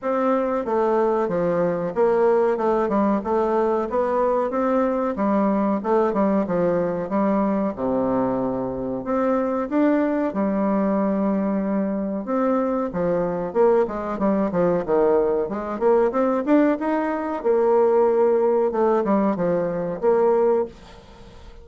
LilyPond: \new Staff \with { instrumentName = "bassoon" } { \time 4/4 \tempo 4 = 93 c'4 a4 f4 ais4 | a8 g8 a4 b4 c'4 | g4 a8 g8 f4 g4 | c2 c'4 d'4 |
g2. c'4 | f4 ais8 gis8 g8 f8 dis4 | gis8 ais8 c'8 d'8 dis'4 ais4~ | ais4 a8 g8 f4 ais4 | }